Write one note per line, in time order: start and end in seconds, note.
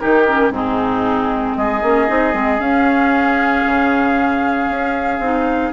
0.00 0.50 D#3
0.00 0.26 D#4
0.00 0.53 G4
0.00 0.52 A#4
0.28 0.52 C#4
0.50 1.54 G#2
0.50 1.82 C4
0.50 1.56 G#4
0.56 1.58 D#4
1.56 1.83 G#3
1.56 5.74 G#4
1.56 2.61 D#5
1.83 2.09 A#3
1.83 2.08 C#4
2.08 2.34 C4
2.08 2.33 D#4
2.33 2.60 G#3
2.33 2.59 C4
2.59 5.20 C#4
2.59 3.64 C#4
2.59 5.74 F5
3.67 4.69 C#3
4.69 5.20 C#4
5.20 5.72 C4
5.20 5.74 D#4